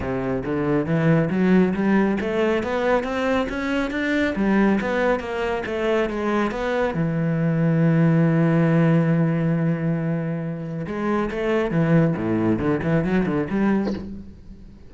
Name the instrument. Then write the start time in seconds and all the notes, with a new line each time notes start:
cello
0.00 C3
0.45 D3
0.85 E3
1.29 F#3
1.74 G3
2.20 A3
2.63 B3
3.03 C4
3.49 C#4
3.90 D4
4.35 G3
4.80 B3
5.19 A#3
5.66 A3
6.09 G#3
6.51 B3
6.94 E3
10.86 G#3
11.30 A3
11.70 E3
12.16 A2
12.59 D3
12.82 E3
13.04 F#3
13.25 D3
13.50 G3